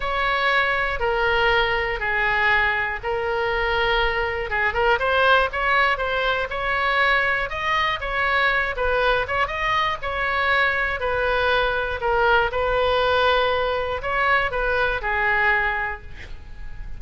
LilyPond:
\new Staff \with { instrumentName = "oboe" } { \time 4/4 \tempo 4 = 120 cis''2 ais'2 | gis'2 ais'2~ | ais'4 gis'8 ais'8 c''4 cis''4 | c''4 cis''2 dis''4 |
cis''4. b'4 cis''8 dis''4 | cis''2 b'2 | ais'4 b'2. | cis''4 b'4 gis'2 | }